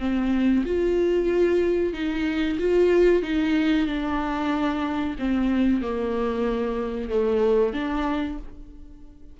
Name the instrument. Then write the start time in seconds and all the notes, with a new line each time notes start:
viola
0.00 C4
0.65 F4
1.94 D#4
2.59 F4
3.23 D#4
3.87 D4
5.19 C4
5.82 A#3
7.10 A3
7.74 D4